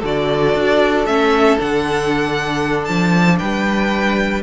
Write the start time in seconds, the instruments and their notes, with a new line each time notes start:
0.00 cello D3, viola F#4, violin A4 D5
0.55 cello D4
1.06 cello A3, viola C#4, violin E5
1.58 cello D3, viola D4, violin F#5
2.85 cello F3, violin A5
3.39 cello G3, violin B4 G5